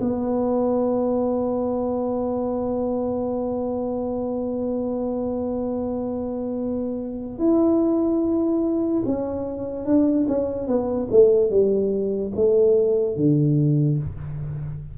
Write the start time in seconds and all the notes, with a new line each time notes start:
0.00 B3
7.38 E4
9.06 C#4
9.85 D4
10.27 C#4
10.67 B3
11.11 A3
11.50 G3
12.35 A3
13.16 D3